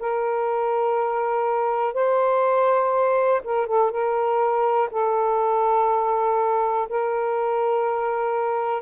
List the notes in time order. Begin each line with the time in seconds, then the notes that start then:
0.00 A#4
1.94 C5
3.45 A#4
3.67 A4
3.92 A#4
4.91 A4
6.89 A#4